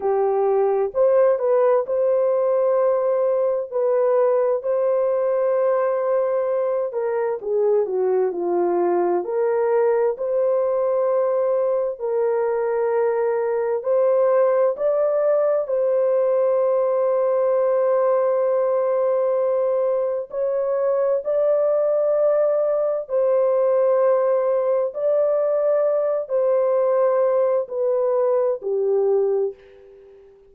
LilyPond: \new Staff \with { instrumentName = "horn" } { \time 4/4 \tempo 4 = 65 g'4 c''8 b'8 c''2 | b'4 c''2~ c''8 ais'8 | gis'8 fis'8 f'4 ais'4 c''4~ | c''4 ais'2 c''4 |
d''4 c''2.~ | c''2 cis''4 d''4~ | d''4 c''2 d''4~ | d''8 c''4. b'4 g'4 | }